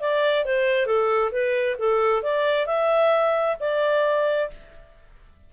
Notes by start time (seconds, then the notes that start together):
0.00 D5
0.45 C5
0.86 A4
1.32 B4
1.79 A4
2.23 D5
2.66 E5
3.60 D5